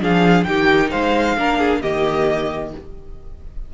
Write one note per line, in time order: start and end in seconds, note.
0.00 0.46 F3
0.00 0.45 D4
0.00 0.47 G#4
0.00 0.44 F5
0.44 0.92 D#3
0.44 1.37 D#4
0.44 0.91 G4
0.44 0.89 G5
0.91 1.37 G#3
0.91 1.36 C5
0.91 1.82 F5
1.37 1.83 A#3
1.37 1.83 D4
1.37 1.58 A#4
1.58 1.81 G#4
1.82 2.74 D#3
1.82 2.73 A#3
1.82 2.73 G4
1.82 2.73 D#5